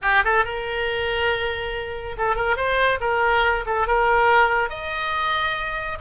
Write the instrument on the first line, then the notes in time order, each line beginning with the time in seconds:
oboe
0.02 G4
0.24 A4
0.44 A#4
2.17 A4
2.35 A#4
2.56 C5
3.00 A#4
3.65 A4
3.87 A#4
4.69 D#5